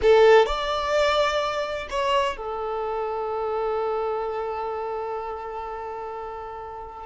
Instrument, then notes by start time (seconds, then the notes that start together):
violin
0.02 A4
0.46 D5
1.90 C#5
2.36 A4